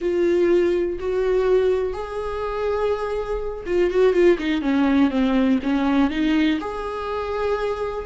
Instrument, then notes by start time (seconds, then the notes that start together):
viola
0.01 F4
0.99 F#4
1.93 G#4
3.66 F4
3.90 F#4
4.13 F4
4.38 D#4
4.61 C#4
5.10 C4
5.62 C#4
6.10 D#4
6.60 G#4